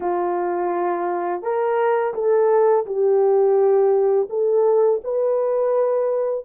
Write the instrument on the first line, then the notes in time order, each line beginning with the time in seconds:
horn
0.00 F4
1.42 A#4
2.14 A4
2.85 G4
4.29 A4
5.04 B4